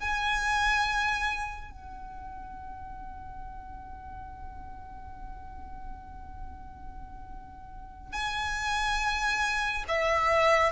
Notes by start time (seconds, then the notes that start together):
0.00 G#5
1.71 F#5
8.13 G#5
9.88 E5